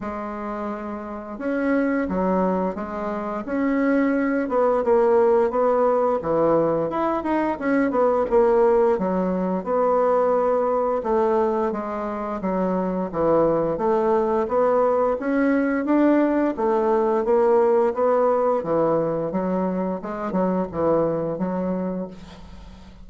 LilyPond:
\new Staff \with { instrumentName = "bassoon" } { \time 4/4 \tempo 4 = 87 gis2 cis'4 fis4 | gis4 cis'4. b8 ais4 | b4 e4 e'8 dis'8 cis'8 b8 | ais4 fis4 b2 |
a4 gis4 fis4 e4 | a4 b4 cis'4 d'4 | a4 ais4 b4 e4 | fis4 gis8 fis8 e4 fis4 | }